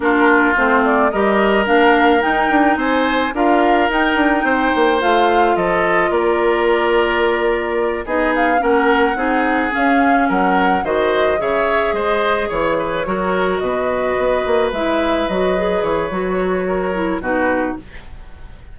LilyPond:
<<
  \new Staff \with { instrumentName = "flute" } { \time 4/4 \tempo 4 = 108 ais'4 c''8 d''8 dis''4 f''4 | g''4 gis''4 f''4 g''4~ | g''4 f''4 dis''4 d''4~ | d''2~ d''8 dis''8 f''8 fis''8~ |
fis''4. f''4 fis''4 dis''8~ | dis''8 e''4 dis''4 cis''4.~ | cis''8 dis''2 e''4 dis''8~ | dis''8 cis''2~ cis''8 b'4 | }
  \new Staff \with { instrumentName = "oboe" } { \time 4/4 f'2 ais'2~ | ais'4 c''4 ais'2 | c''2 a'4 ais'4~ | ais'2~ ais'8 gis'4 ais'8~ |
ais'8 gis'2 ais'4 c''8~ | c''8 cis''4 c''4 cis''8 b'8 ais'8~ | ais'8 b'2.~ b'8~ | b'2 ais'4 fis'4 | }
  \new Staff \with { instrumentName = "clarinet" } { \time 4/4 d'4 c'4 g'4 d'4 | dis'2 f'4 dis'4~ | dis'4 f'2.~ | f'2~ f'8 dis'4 cis'8~ |
cis'8 dis'4 cis'2 fis'8~ | fis'8 gis'2. fis'8~ | fis'2~ fis'8 e'4 fis'8 | gis'4 fis'4. e'8 dis'4 | }
  \new Staff \with { instrumentName = "bassoon" } { \time 4/4 ais4 a4 g4 ais4 | dis'8 d'8 c'4 d'4 dis'8 d'8 | c'8 ais8 a4 f4 ais4~ | ais2~ ais8 b4 ais8~ |
ais8 c'4 cis'4 fis4 dis8~ | dis8 cis4 gis4 e4 fis8~ | fis8 b,4 b8 ais8 gis4 fis8~ | fis8 e8 fis2 b,4 | }
>>